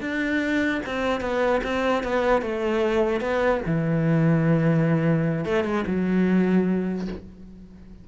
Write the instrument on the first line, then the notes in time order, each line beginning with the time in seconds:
cello
0.00 D4
0.85 C4
1.20 B3
1.63 C4
2.03 B3
2.42 A3
3.20 B3
3.66 E3
5.45 A3
5.64 G#3
5.86 F#3